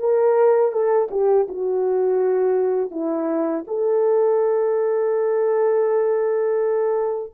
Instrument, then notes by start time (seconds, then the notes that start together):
horn
0.00 A#4
0.73 A4
1.11 G4
1.49 F#4
2.91 E4
3.68 A4